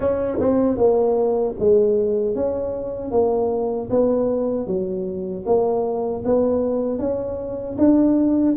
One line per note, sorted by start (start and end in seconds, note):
0.00 0.39 C#4
0.40 0.77 C4
0.77 1.54 A#3
1.59 2.35 G#3
2.35 3.11 C#4
3.11 3.89 A#3
3.90 4.66 B3
4.66 5.44 F#3
5.45 6.23 A#3
6.24 6.98 B3
6.98 7.76 C#4
7.77 8.55 D4